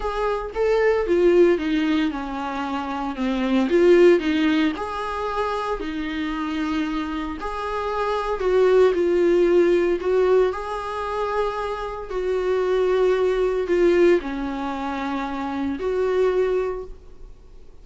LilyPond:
\new Staff \with { instrumentName = "viola" } { \time 4/4 \tempo 4 = 114 gis'4 a'4 f'4 dis'4 | cis'2 c'4 f'4 | dis'4 gis'2 dis'4~ | dis'2 gis'2 |
fis'4 f'2 fis'4 | gis'2. fis'4~ | fis'2 f'4 cis'4~ | cis'2 fis'2 | }